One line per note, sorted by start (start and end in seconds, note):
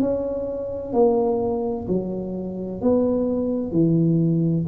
0.00 0.93 C#4
0.93 1.87 A#3
1.88 2.82 F#3
2.82 3.72 B3
3.72 4.65 E3